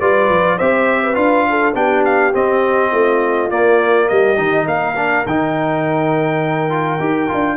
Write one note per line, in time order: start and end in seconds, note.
0.00 0.29 G3
0.00 0.59 F4
0.00 0.57 B4
0.00 0.58 D5
0.29 0.58 F3
0.57 1.16 C4
0.57 1.14 G4
0.57 1.01 C5
0.57 1.15 E5
1.03 1.47 B4
1.14 1.74 D4
1.14 1.73 F4
1.14 1.73 F5
1.49 1.75 A4
1.74 2.33 B3
1.74 2.32 D4
1.74 2.91 G4
1.74 2.04 G5
2.05 2.34 F5
2.33 3.49 C4
2.33 2.92 C4
2.33 3.50 D#5
2.91 3.50 A3
2.91 4.07 F4
3.50 4.36 A#3
3.50 4.09 A#3
3.50 4.08 D5
4.08 4.37 G3
4.08 4.65 G4
4.08 4.67 D#5
4.36 4.66 D#3
4.36 4.94 D#4
4.65 5.25 A#3
4.65 7.56 A#4
4.65 5.26 F5
4.96 5.25 D4
5.25 6.99 D#3
5.25 6.69 D#4
5.25 7.57 G5
6.69 6.99 F4
6.99 7.28 D#4
6.99 7.28 G4
7.28 7.57 D4
7.28 7.57 F4